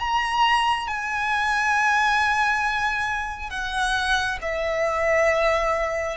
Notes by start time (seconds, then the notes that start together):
0.00 A#5
0.88 G#5
3.50 F#5
4.42 E5